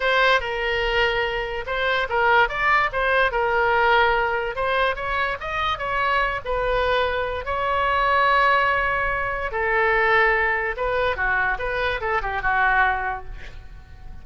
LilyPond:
\new Staff \with { instrumentName = "oboe" } { \time 4/4 \tempo 4 = 145 c''4 ais'2. | c''4 ais'4 d''4 c''4 | ais'2. c''4 | cis''4 dis''4 cis''4. b'8~ |
b'2 cis''2~ | cis''2. a'4~ | a'2 b'4 fis'4 | b'4 a'8 g'8 fis'2 | }